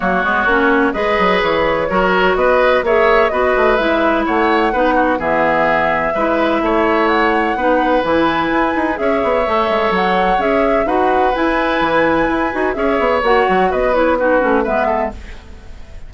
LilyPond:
<<
  \new Staff \with { instrumentName = "flute" } { \time 4/4 \tempo 4 = 127 cis''2 dis''4 cis''4~ | cis''4 dis''4 e''4 dis''4 | e''4 fis''2 e''4~ | e''2. fis''4~ |
fis''4 gis''2 e''4~ | e''4 fis''4 e''4 fis''4 | gis''2. e''4 | fis''4 dis''8 cis''8 b'4 e''4 | }
  \new Staff \with { instrumentName = "oboe" } { \time 4/4 fis'2 b'2 | ais'4 b'4 cis''4 b'4~ | b'4 cis''4 b'8 fis'8 gis'4~ | gis'4 b'4 cis''2 |
b'2. cis''4~ | cis''2. b'4~ | b'2. cis''4~ | cis''4 b'4 fis'4 b'8 a'8 | }
  \new Staff \with { instrumentName = "clarinet" } { \time 4/4 ais8 b8 cis'4 gis'2 | fis'2 gis'4 fis'4 | e'2 dis'4 b4~ | b4 e'2. |
dis'4 e'2 gis'4 | a'2 gis'4 fis'4 | e'2~ e'8 fis'8 gis'4 | fis'4. e'8 dis'8 cis'8 b4 | }
  \new Staff \with { instrumentName = "bassoon" } { \time 4/4 fis8 gis8 ais4 gis8 fis8 e4 | fis4 b4 ais4 b8 a8 | gis4 a4 b4 e4~ | e4 gis4 a2 |
b4 e4 e'8 dis'8 cis'8 b8 | a8 gis8 fis4 cis'4 dis'4 | e'4 e4 e'8 dis'8 cis'8 b8 | ais8 fis8 b4. a8 gis4 | }
>>